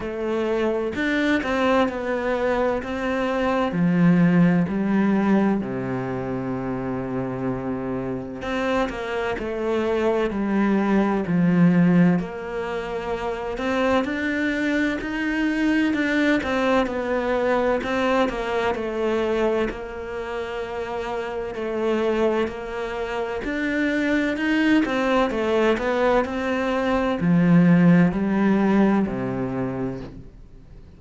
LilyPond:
\new Staff \with { instrumentName = "cello" } { \time 4/4 \tempo 4 = 64 a4 d'8 c'8 b4 c'4 | f4 g4 c2~ | c4 c'8 ais8 a4 g4 | f4 ais4. c'8 d'4 |
dis'4 d'8 c'8 b4 c'8 ais8 | a4 ais2 a4 | ais4 d'4 dis'8 c'8 a8 b8 | c'4 f4 g4 c4 | }